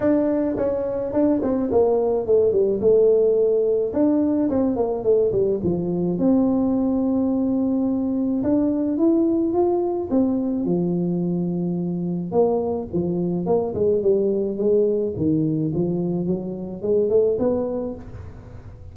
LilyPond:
\new Staff \with { instrumentName = "tuba" } { \time 4/4 \tempo 4 = 107 d'4 cis'4 d'8 c'8 ais4 | a8 g8 a2 d'4 | c'8 ais8 a8 g8 f4 c'4~ | c'2. d'4 |
e'4 f'4 c'4 f4~ | f2 ais4 f4 | ais8 gis8 g4 gis4 dis4 | f4 fis4 gis8 a8 b4 | }